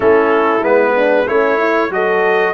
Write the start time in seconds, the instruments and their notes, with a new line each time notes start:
0.00 tuba A3, trombone C#4, horn E4, trumpet A4
0.62 tuba G#3, trombone B3, trumpet B4
0.95 horn D4
1.26 tuba A3, horn C#4, trombone E4, trumpet C#5
1.58 horn E4
1.90 tuba F#3, trombone F#4, horn A4, trumpet D#5